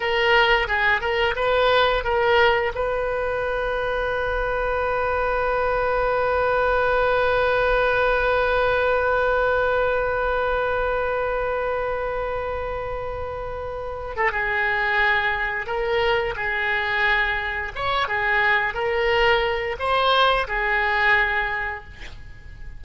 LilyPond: \new Staff \with { instrumentName = "oboe" } { \time 4/4 \tempo 4 = 88 ais'4 gis'8 ais'8 b'4 ais'4 | b'1~ | b'1~ | b'1~ |
b'1~ | b'8. a'16 gis'2 ais'4 | gis'2 cis''8 gis'4 ais'8~ | ais'4 c''4 gis'2 | }